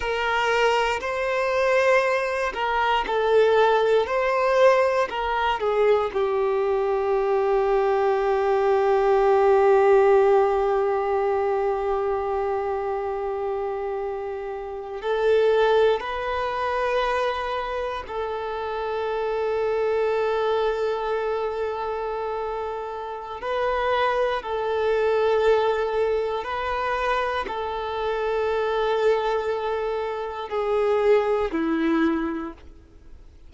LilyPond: \new Staff \with { instrumentName = "violin" } { \time 4/4 \tempo 4 = 59 ais'4 c''4. ais'8 a'4 | c''4 ais'8 gis'8 g'2~ | g'1~ | g'2~ g'8. a'4 b'16~ |
b'4.~ b'16 a'2~ a'16~ | a'2. b'4 | a'2 b'4 a'4~ | a'2 gis'4 e'4 | }